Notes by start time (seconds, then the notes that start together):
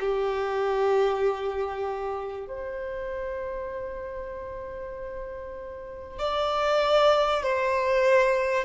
0.00 G4
2.48 C5
6.19 D5
7.43 C5